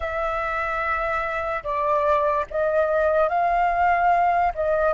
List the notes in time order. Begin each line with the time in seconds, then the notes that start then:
0.00 E5
1.63 D5
2.50 D#5
3.29 F5
4.54 D#5